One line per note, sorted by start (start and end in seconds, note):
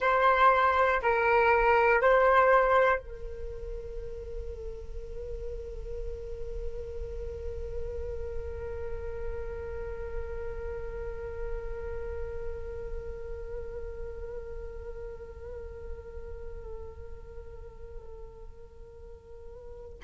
0.00 1.00 C5
1.02 2.00 A#4
2.00 2.99 C5
2.99 19.99 A#4